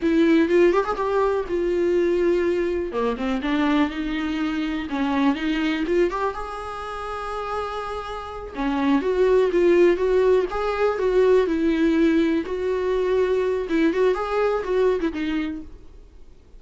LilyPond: \new Staff \with { instrumentName = "viola" } { \time 4/4 \tempo 4 = 123 e'4 f'8 g'16 gis'16 g'4 f'4~ | f'2 ais8 c'8 d'4 | dis'2 cis'4 dis'4 | f'8 g'8 gis'2.~ |
gis'4. cis'4 fis'4 f'8~ | f'8 fis'4 gis'4 fis'4 e'8~ | e'4. fis'2~ fis'8 | e'8 fis'8 gis'4 fis'8. e'16 dis'4 | }